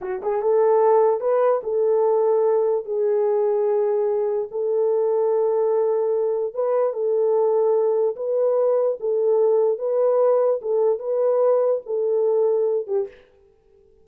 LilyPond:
\new Staff \with { instrumentName = "horn" } { \time 4/4 \tempo 4 = 147 fis'8 gis'8 a'2 b'4 | a'2. gis'4~ | gis'2. a'4~ | a'1 |
b'4 a'2. | b'2 a'2 | b'2 a'4 b'4~ | b'4 a'2~ a'8 g'8 | }